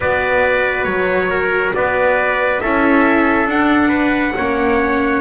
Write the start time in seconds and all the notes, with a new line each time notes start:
0.00 B3 F#4 B4 D5
0.84 F#3 C#5
1.30 A#4
1.74 B3 B4 D5
2.60 C#4 E4 A4 E5
3.46 D4 F#5
3.88 B4
4.36 A#3 C#4 C#5